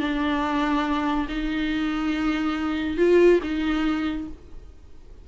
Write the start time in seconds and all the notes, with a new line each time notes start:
0.00 D4
1.29 D#4
2.97 F4
3.43 D#4